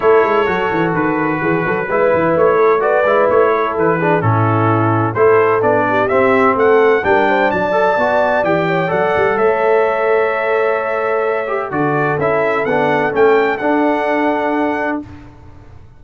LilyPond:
<<
  \new Staff \with { instrumentName = "trumpet" } { \time 4/4 \tempo 4 = 128 cis''2 b'2~ | b'4 cis''4 d''4 cis''4 | b'4 a'2 c''4 | d''4 e''4 fis''4 g''4 |
a''2 g''4 fis''4 | e''1~ | e''4 d''4 e''4 fis''4 | g''4 fis''2. | }
  \new Staff \with { instrumentName = "horn" } { \time 4/4 a'2. gis'8 a'8 | b'4. a'8 b'4. a'8~ | a'8 gis'8 e'2 a'4~ | a'8 g'4. a'4 ais'8 c''8 |
d''2~ d''8 cis''8 d''4 | cis''1~ | cis''4 a'2.~ | a'1 | }
  \new Staff \with { instrumentName = "trombone" } { \time 4/4 e'4 fis'2. | e'2 fis'8 e'4.~ | e'8 d'8 cis'2 e'4 | d'4 c'2 d'4~ |
d'8 a'8 fis'4 g'4 a'4~ | a'1~ | a'8 g'8 fis'4 e'4 d'4 | cis'4 d'2. | }
  \new Staff \with { instrumentName = "tuba" } { \time 4/4 a8 gis8 fis8 e8 dis4 e8 fis8 | gis8 e8 a4. gis8 a4 | e4 a,2 a4 | b4 c'4 a4 g4 |
fis4 b4 e4 fis8 g8 | a1~ | a4 d4 cis'4 b4 | a4 d'2. | }
>>